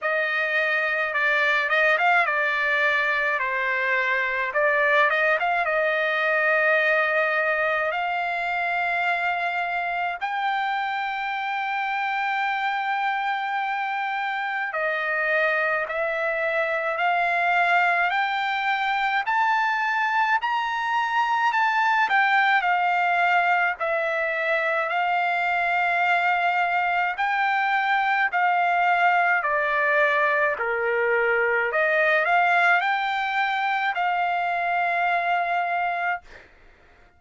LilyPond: \new Staff \with { instrumentName = "trumpet" } { \time 4/4 \tempo 4 = 53 dis''4 d''8 dis''16 f''16 d''4 c''4 | d''8 dis''16 f''16 dis''2 f''4~ | f''4 g''2.~ | g''4 dis''4 e''4 f''4 |
g''4 a''4 ais''4 a''8 g''8 | f''4 e''4 f''2 | g''4 f''4 d''4 ais'4 | dis''8 f''8 g''4 f''2 | }